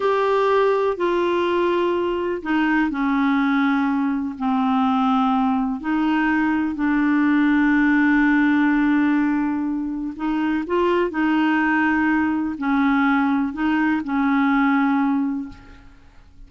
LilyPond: \new Staff \with { instrumentName = "clarinet" } { \time 4/4 \tempo 4 = 124 g'2 f'2~ | f'4 dis'4 cis'2~ | cis'4 c'2. | dis'2 d'2~ |
d'1~ | d'4 dis'4 f'4 dis'4~ | dis'2 cis'2 | dis'4 cis'2. | }